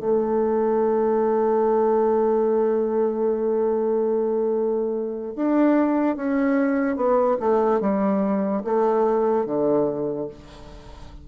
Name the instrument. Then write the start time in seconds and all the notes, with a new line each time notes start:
bassoon
0.00 A3
5.36 D4
6.16 C#4
6.96 B3
7.40 A3
7.80 G3
8.64 A3
9.46 D3